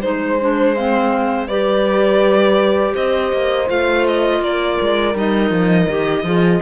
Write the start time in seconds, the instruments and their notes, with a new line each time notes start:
0.00 cello G#3, clarinet D#4, horn C5, violin C5
0.39 clarinet D4
0.75 clarinet C4, horn F5
1.47 cello G3, clarinet G4, horn B4, violin D5
2.93 cello C4, horn C5, violin D#5
3.32 cello A#3
3.67 cello A3, clarinet F4, violin F5
4.07 violin D#5
4.40 cello A#3, horn A#4, violin D5
4.81 cello G#3
5.14 cello G3, clarinet D#4, violin D#5
5.50 cello F3
5.88 cello D#3, clarinet G4
6.22 cello F3, clarinet F4, horn G#4